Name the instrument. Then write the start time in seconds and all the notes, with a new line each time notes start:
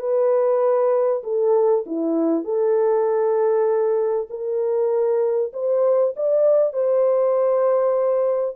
horn
0.00 B4
1.24 A4
1.86 E4
2.44 A4
4.30 A#4
5.53 C5
6.16 D5
6.73 C5